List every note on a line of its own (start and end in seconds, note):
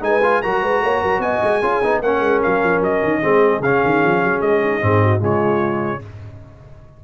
0.00 0.41 G#3
0.00 0.20 D#4
0.00 0.42 B4
0.00 0.42 G#5
0.23 0.43 F4
0.42 0.63 F#3
0.42 1.62 F#4
0.42 0.61 A#4
0.42 1.21 A#5
0.61 0.82 G#3
0.61 0.81 B4
0.82 1.02 A#3
0.82 1.01 C#5
1.01 1.18 F#3
1.01 1.21 A#4
1.18 1.38 B3
1.18 1.60 D#5
1.18 2.01 G#5
1.42 1.62 G#3
1.60 1.82 C#4
1.60 1.82 F4
1.60 2.00 G#4
1.83 2.01 B3
1.83 2.03 D#4
2.01 2.19 A#3
2.01 3.21 C#4
2.01 3.21 A#4
2.01 2.42 F#5
2.19 2.39 G#3
2.42 2.63 F#3
2.42 2.82 F5
2.63 2.80 F3
2.80 3.00 F#3
2.80 3.62 D#5
3.02 3.22 D#3
3.21 3.60 G#3
3.21 3.61 C4
3.21 4.61 G#4
3.60 3.80 C#3
3.60 4.80 C#4
3.60 4.41 F5
3.84 4.03 D#3
4.03 4.23 F3
4.23 4.41 F#3
4.41 4.81 G#3
4.41 5.21 D#5
4.63 4.83 D#4
4.80 5.22 G#2
4.80 5.19 C4
4.80 5.03 G#4
5.03 5.20 F#4
5.19 6.02 C#3
5.19 5.99 G#3
5.19 6.00 F4
5.19 6.04 C#5